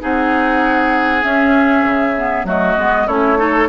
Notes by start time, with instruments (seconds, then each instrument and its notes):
0.00 bassoon C4, clarinet D#4, oboe G#4, flute F#5
1.22 clarinet C#4, bassoon C#4, flute E5
1.85 bassoon C#3
2.18 clarinet B3
2.44 bassoon F#3, clarinet A3, oboe F#4, flute D#5
2.77 bassoon G#3, clarinet B3
3.07 bassoon A3, clarinet C#4, oboe E4, flute C#5
3.37 clarinet D#4, oboe A4